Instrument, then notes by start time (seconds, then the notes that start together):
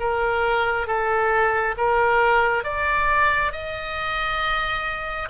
oboe
0.00 A#4
0.87 A4
1.77 A#4
2.64 D5
3.52 D#5